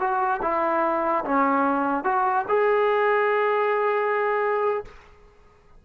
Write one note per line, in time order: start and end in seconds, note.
0.00 0.41 F#4
0.43 1.25 E4
1.25 2.04 C#4
2.04 2.45 F#4
2.49 4.85 G#4